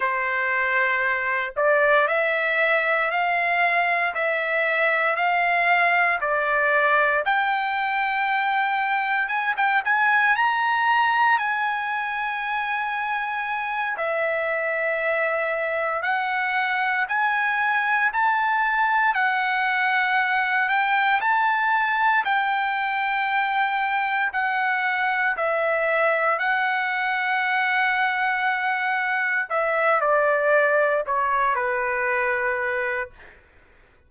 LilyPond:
\new Staff \with { instrumentName = "trumpet" } { \time 4/4 \tempo 4 = 58 c''4. d''8 e''4 f''4 | e''4 f''4 d''4 g''4~ | g''4 gis''16 g''16 gis''8 ais''4 gis''4~ | gis''4. e''2 fis''8~ |
fis''8 gis''4 a''4 fis''4. | g''8 a''4 g''2 fis''8~ | fis''8 e''4 fis''2~ fis''8~ | fis''8 e''8 d''4 cis''8 b'4. | }